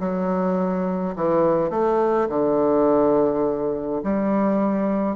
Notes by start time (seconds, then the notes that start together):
0.00 F#3
1.16 E3
1.71 A3
2.30 D3
4.04 G3